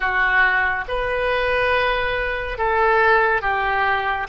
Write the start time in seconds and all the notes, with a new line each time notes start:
0.00 F#4
0.88 B4
2.58 A4
3.41 G4